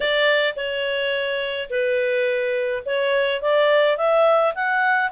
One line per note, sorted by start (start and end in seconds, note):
0.00 0.54 D5
0.56 1.69 C#5
1.70 2.83 B4
2.85 3.41 C#5
3.41 3.97 D5
3.97 4.54 E5
4.54 5.11 F#5